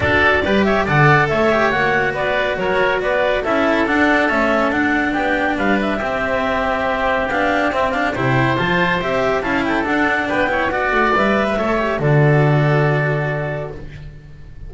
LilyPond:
<<
  \new Staff \with { instrumentName = "clarinet" } { \time 4/4 \tempo 4 = 140 d''4. e''8 fis''4 e''4 | fis''4 d''4 cis''4 d''4 | e''4 fis''4 e''4 fis''4 | g''4 f''8 e''2~ e''8~ |
e''4 f''4 e''8 f''8 g''4 | a''4 e''4 a''8 g''8 fis''4 | g''4 fis''4 e''2 | d''1 | }
  \new Staff \with { instrumentName = "oboe" } { \time 4/4 a'4 b'8 cis''8 d''4 cis''4~ | cis''4 b'4 ais'4 b'4 | a'1 | g'4 b'4 g'2~ |
g'2. c''4~ | c''2 f''8 a'4. | b'8 cis''8 d''4.~ d''16 b'16 cis''4 | a'1 | }
  \new Staff \with { instrumentName = "cello" } { \time 4/4 fis'4 g'4 a'4. g'8 | fis'1 | e'4 d'4 cis'4 d'4~ | d'2 c'2~ |
c'4 d'4 c'8 d'8 e'4 | f'4 g'4 e'4 d'4~ | d'8 e'8 fis'4 b'4 a'8 g'8 | fis'1 | }
  \new Staff \with { instrumentName = "double bass" } { \time 4/4 d'4 g4 d4 a4 | ais4 b4 fis4 b4 | cis'4 d'4 a4 d'4 | b4 g4 c'2~ |
c'4 b4 c'4 c4 | f4 c'4 cis'4 d'4 | b4. a8 g4 a4 | d1 | }
>>